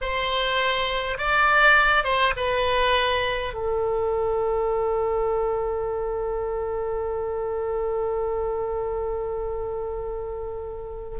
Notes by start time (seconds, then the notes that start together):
0.01 C5
1.17 D5
2.04 C5
2.36 B4
3.53 A4